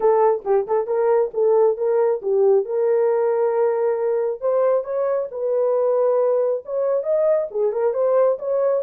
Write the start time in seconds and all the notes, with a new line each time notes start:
0.00 A4
0.44 G4
0.67 A4
0.87 A#4
1.33 A4
1.77 A#4
2.22 G4
2.65 A#4
4.40 C5
4.83 C#5
5.31 B4
6.65 C#5
7.03 D#5
7.50 G#4
7.72 A#4
7.93 C5
8.38 C#5